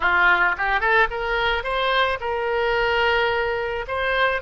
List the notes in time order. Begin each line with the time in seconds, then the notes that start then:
0.00 F4
0.57 G4
0.80 A4
1.10 A#4
1.63 C5
2.20 A#4
3.87 C5